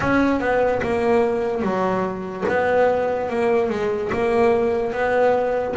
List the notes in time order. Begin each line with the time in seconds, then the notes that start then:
0.00 C#4
0.40 B3
0.82 A#3
1.62 F#3
2.48 B3
3.29 A#3
3.69 G#3
4.12 A#3
4.92 B3